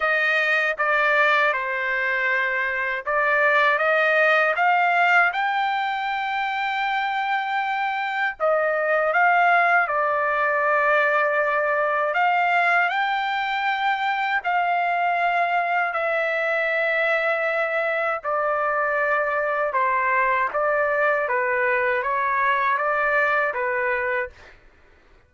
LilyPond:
\new Staff \with { instrumentName = "trumpet" } { \time 4/4 \tempo 4 = 79 dis''4 d''4 c''2 | d''4 dis''4 f''4 g''4~ | g''2. dis''4 | f''4 d''2. |
f''4 g''2 f''4~ | f''4 e''2. | d''2 c''4 d''4 | b'4 cis''4 d''4 b'4 | }